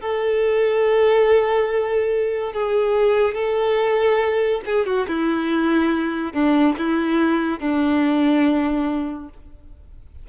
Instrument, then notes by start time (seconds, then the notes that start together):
violin
0.00 A4
2.53 G#4
3.34 A4
4.65 G#4
4.86 F#4
5.07 E4
6.33 D4
6.78 E4
7.59 D4